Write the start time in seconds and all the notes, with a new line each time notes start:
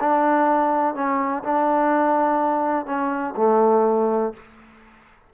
0.00 D4
0.94 C#4
1.43 D4
2.86 C#4
3.37 A3